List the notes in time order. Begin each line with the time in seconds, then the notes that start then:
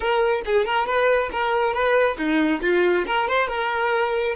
0.00 A#4
0.45 G#4
0.65 A#4
0.86 B4
1.32 A#4
1.73 B4
2.17 D#4
2.61 F4
3.06 A#4
3.27 C5
3.48 A#4